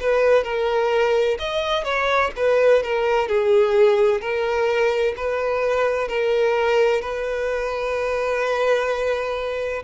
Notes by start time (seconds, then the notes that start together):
0.00 B4
0.44 A#4
1.39 D#5
1.85 C#5
2.37 B4
2.83 A#4
3.29 G#4
4.21 A#4
5.16 B4
6.08 A#4
7.02 B4